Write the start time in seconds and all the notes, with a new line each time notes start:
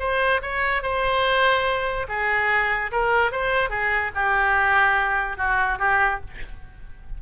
0.00 C5
0.42 C#5
0.83 C5
2.09 G#4
2.92 A#4
3.32 C5
3.70 G#4
4.15 G4
5.37 F#4
5.79 G4